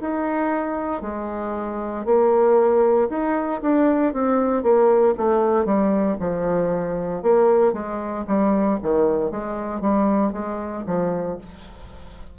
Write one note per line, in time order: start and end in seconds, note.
0.00 1.02 D#4
1.02 2.05 G#3
2.05 3.08 A#3
3.09 3.61 D#4
3.61 4.13 D4
4.13 4.63 C4
4.63 5.14 A#3
5.17 5.65 A3
5.65 6.16 G3
6.19 7.22 F3
7.22 7.73 A#3
7.73 8.24 G#3
8.27 8.79 G3
8.82 9.31 D#3
9.31 9.81 G#3
9.81 10.32 G3
10.32 10.84 G#3
10.86 11.38 F3